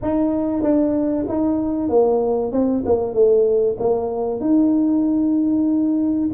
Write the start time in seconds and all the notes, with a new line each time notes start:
0.02 D#4
0.62 D4
1.28 D#4
1.89 A#3
2.51 C4
2.85 A#3
3.13 A3
3.79 A#3
4.40 D#4